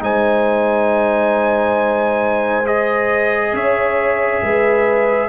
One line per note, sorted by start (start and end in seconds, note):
0.00 3.53 G#3
0.00 2.65 D#4
0.00 3.54 C5
0.00 2.67 G#5
2.66 5.29 G#4
2.66 3.55 D#5
3.53 4.42 C#4
3.53 4.42 C#5
3.53 5.29 E5
4.43 5.29 G#3
4.43 5.29 B4